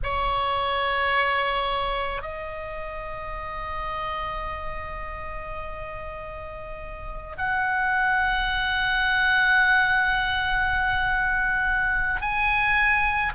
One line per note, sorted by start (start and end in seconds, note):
0.03 2.21 C#5
2.21 7.35 D#5
7.37 12.21 F#5
12.21 13.32 G#5